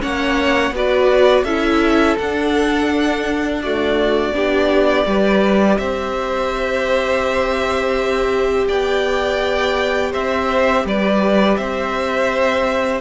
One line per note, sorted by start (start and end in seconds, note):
0.00 0.71 A#3
0.00 0.72 C#4
0.00 0.74 C#5
0.00 0.75 F#5
0.71 1.43 B3
0.71 1.47 F#4
0.71 1.44 B4
0.71 1.44 D5
1.44 2.16 C#4
1.44 2.19 E4
1.44 3.61 A4
1.44 2.17 E5
2.19 4.34 D4
2.19 3.64 D4
2.19 3.62 F#5
3.62 4.33 A3
3.62 4.35 F#4
3.62 5.78 D5
4.33 5.06 B3
4.33 5.06 D4
4.33 5.07 G4
5.06 5.78 G3
5.06 13.01 G4
5.06 5.79 B4
5.78 8.68 C4
5.78 8.68 C5
5.78 8.67 E5
8.68 10.14 B3
8.68 10.11 D5
8.68 10.13 G5
10.11 10.85 C4
10.11 10.83 C5
10.11 10.86 E5
10.85 11.58 G3
10.85 11.58 B4
10.85 11.56 D5
11.56 13.01 C4
11.56 13.01 C5
11.56 13.01 E5